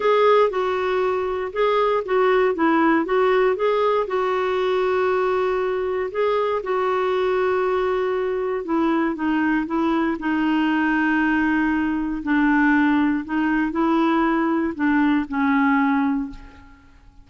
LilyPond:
\new Staff \with { instrumentName = "clarinet" } { \time 4/4 \tempo 4 = 118 gis'4 fis'2 gis'4 | fis'4 e'4 fis'4 gis'4 | fis'1 | gis'4 fis'2.~ |
fis'4 e'4 dis'4 e'4 | dis'1 | d'2 dis'4 e'4~ | e'4 d'4 cis'2 | }